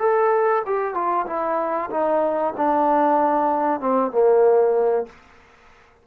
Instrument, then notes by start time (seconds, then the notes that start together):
trombone
0.00 A4
0.66 G4
0.95 F4
1.27 E4
1.91 D#4
2.58 D4
3.81 C4
4.12 A#3